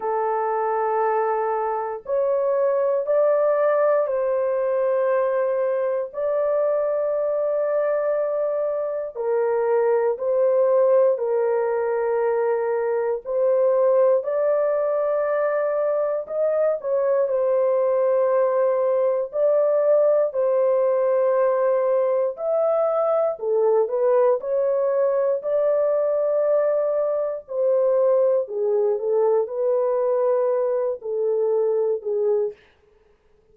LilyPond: \new Staff \with { instrumentName = "horn" } { \time 4/4 \tempo 4 = 59 a'2 cis''4 d''4 | c''2 d''2~ | d''4 ais'4 c''4 ais'4~ | ais'4 c''4 d''2 |
dis''8 cis''8 c''2 d''4 | c''2 e''4 a'8 b'8 | cis''4 d''2 c''4 | gis'8 a'8 b'4. a'4 gis'8 | }